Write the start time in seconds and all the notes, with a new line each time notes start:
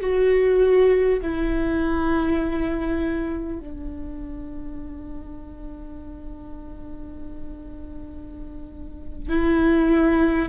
0.00 F#4
1.21 E4
3.59 D4
9.28 E4